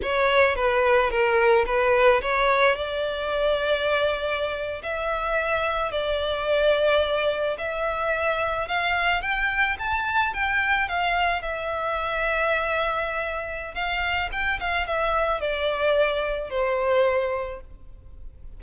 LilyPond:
\new Staff \with { instrumentName = "violin" } { \time 4/4 \tempo 4 = 109 cis''4 b'4 ais'4 b'4 | cis''4 d''2.~ | d''8. e''2 d''4~ d''16~ | d''4.~ d''16 e''2 f''16~ |
f''8. g''4 a''4 g''4 f''16~ | f''8. e''2.~ e''16~ | e''4 f''4 g''8 f''8 e''4 | d''2 c''2 | }